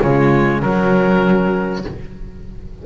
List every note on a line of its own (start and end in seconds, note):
0.00 0.62 C#3
0.00 0.62 G#3
0.00 0.61 F4
0.00 0.61 C#5
0.61 1.85 F#3
0.61 1.86 C#4
0.61 1.84 A#4